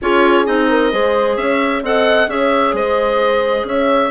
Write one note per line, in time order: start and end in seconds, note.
0.01 0.47 C#4
0.01 0.45 F4
0.01 0.69 G#4
0.01 0.46 C#5
0.45 0.92 C4
0.45 0.91 D#4
0.45 1.36 D#5
0.69 0.91 A#4
0.91 1.37 G#3
0.91 1.82 G#4
0.91 1.37 C5
1.36 1.82 C#4
1.36 1.83 C#5
1.36 1.82 E5
1.82 2.27 C4
1.82 2.28 A4
1.82 2.29 D#5
1.82 2.29 F#5
2.27 2.73 C#4
2.27 4.10 G#4
2.27 2.74 C#5
2.27 2.75 E5
2.73 3.64 G#3
2.73 3.65 C5
2.73 3.67 D#5
3.64 4.09 C#4
3.64 4.10 C#5
3.64 4.10 E5